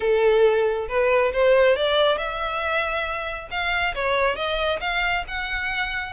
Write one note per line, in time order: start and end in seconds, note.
0.00 0.87 A4
0.88 1.32 B4
1.32 1.75 C5
1.75 2.17 D5
2.17 3.48 E5
3.50 3.94 F5
3.94 4.36 C#5
4.36 4.79 D#5
4.80 5.24 F5
5.27 6.12 F#5